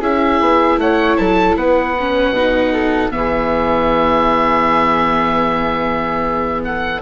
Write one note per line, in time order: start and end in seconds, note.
0.00 0.40 C#4
0.00 1.96 E4
0.00 0.78 G#4
0.00 0.80 E5
0.40 0.77 B3
0.77 1.16 A3
0.77 1.19 C#5
0.77 1.16 F#5
1.16 1.55 F#3
1.16 1.58 A4
1.16 1.55 A5
1.55 2.30 B3
1.55 2.73 B4
1.55 3.11 F#5
1.99 2.36 C#4
2.30 3.08 B2
2.30 3.11 D#4
2.73 3.12 A4
3.11 7.01 E3
3.11 7.01 B3
3.11 6.65 G#4
3.11 6.62 E5
6.64 7.01 A4
6.64 7.01 F#5